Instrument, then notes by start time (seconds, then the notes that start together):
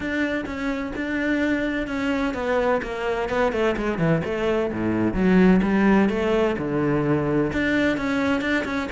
cello
0.00 D4
0.45 C#4
0.95 D4
1.87 C#4
2.34 B3
2.82 A#3
3.29 B3
3.52 A3
3.76 G#3
3.98 E3
4.24 A3
4.72 A2
5.13 F#3
5.62 G3
6.09 A3
6.58 D3
7.52 D4
7.97 C#4
8.41 D4
8.64 C#4